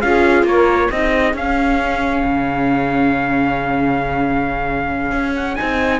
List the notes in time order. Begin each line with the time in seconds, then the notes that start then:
0.00 C#4 F4 G#4 F5
0.43 A#3 A#4 C#5
0.90 C4 D#4 G#4 D#5
1.33 C#4 F5
2.23 C#3
5.11 C#4
5.36 F#5
5.55 C4 D#4 G#5